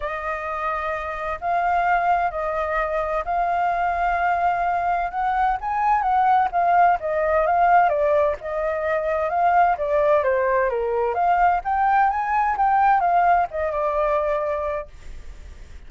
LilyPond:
\new Staff \with { instrumentName = "flute" } { \time 4/4 \tempo 4 = 129 dis''2. f''4~ | f''4 dis''2 f''4~ | f''2. fis''4 | gis''4 fis''4 f''4 dis''4 |
f''4 d''4 dis''2 | f''4 d''4 c''4 ais'4 | f''4 g''4 gis''4 g''4 | f''4 dis''8 d''2~ d''8 | }